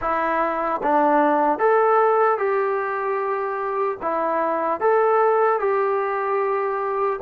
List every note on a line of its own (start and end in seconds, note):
0.01 0.81 E4
0.83 1.59 D4
1.59 2.37 A4
2.37 3.97 G4
4.01 4.80 E4
4.80 5.59 A4
5.59 7.19 G4